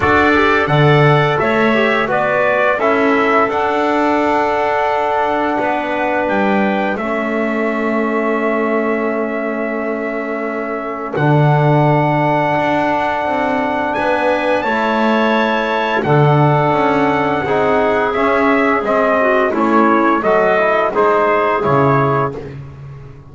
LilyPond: <<
  \new Staff \with { instrumentName = "trumpet" } { \time 4/4 \tempo 4 = 86 d''4 fis''4 e''4 d''4 | e''4 fis''2.~ | fis''4 g''4 e''2~ | e''1 |
fis''1 | gis''4 a''2 fis''4~ | fis''2 e''4 dis''4 | cis''4 dis''4 c''4 cis''4 | }
  \new Staff \with { instrumentName = "clarinet" } { \time 4/4 a'4 d''4 cis''4 b'4 | a'1 | b'2 a'2~ | a'1~ |
a'1 | b'4 cis''2 a'4~ | a'4 gis'2~ gis'8 fis'8 | e'4 a'4 gis'2 | }
  \new Staff \with { instrumentName = "trombone" } { \time 4/4 fis'8 g'8 a'4. g'8 fis'4 | e'4 d'2.~ | d'2 cis'2~ | cis'1 |
d'1~ | d'4 e'2 d'4~ | d'4 dis'4 cis'4 c'4 | cis'4 fis'8 e'8 dis'4 e'4 | }
  \new Staff \with { instrumentName = "double bass" } { \time 4/4 d'4 d4 a4 b4 | cis'4 d'2. | b4 g4 a2~ | a1 |
d2 d'4 c'4 | b4 a2 d4 | cis'4 c'4 cis'4 gis4 | a4 fis4 gis4 cis4 | }
>>